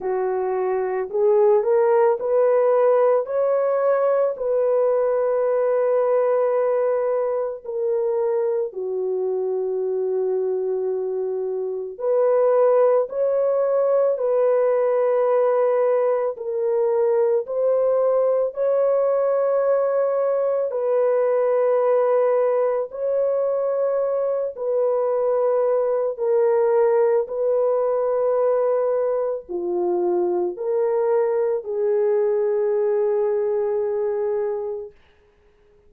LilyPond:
\new Staff \with { instrumentName = "horn" } { \time 4/4 \tempo 4 = 55 fis'4 gis'8 ais'8 b'4 cis''4 | b'2. ais'4 | fis'2. b'4 | cis''4 b'2 ais'4 |
c''4 cis''2 b'4~ | b'4 cis''4. b'4. | ais'4 b'2 f'4 | ais'4 gis'2. | }